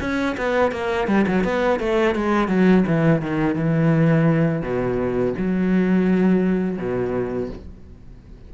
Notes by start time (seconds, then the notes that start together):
0.00 C#4
0.37 B3
0.71 A#3
1.07 G3
1.27 F#3
1.44 B3
1.80 A3
2.15 G#3
2.48 F#3
2.87 E3
3.21 D#3
3.55 E3
4.62 B2
5.37 F#3
6.78 B2